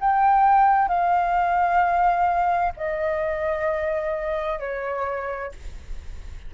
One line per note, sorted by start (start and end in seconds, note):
0.00 0.88 G5
0.88 2.73 F5
2.77 4.59 D#5
4.59 5.52 C#5